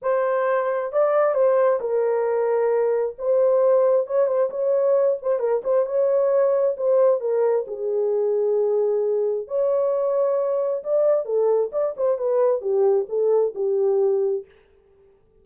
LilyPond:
\new Staff \with { instrumentName = "horn" } { \time 4/4 \tempo 4 = 133 c''2 d''4 c''4 | ais'2. c''4~ | c''4 cis''8 c''8 cis''4. c''8 | ais'8 c''8 cis''2 c''4 |
ais'4 gis'2.~ | gis'4 cis''2. | d''4 a'4 d''8 c''8 b'4 | g'4 a'4 g'2 | }